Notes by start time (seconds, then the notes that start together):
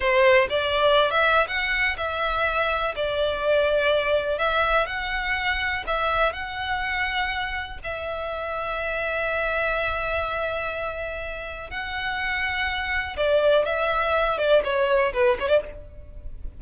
0.00 C5
0.49 D5
1.10 E5
1.47 F#5
1.97 E5
2.95 D5
4.38 E5
4.86 F#5
5.86 E5
6.32 F#5
7.83 E5
11.70 F#5
13.16 D5
13.65 E5
14.38 D5
14.64 C#5
15.13 B4
15.39 C#5
15.48 D5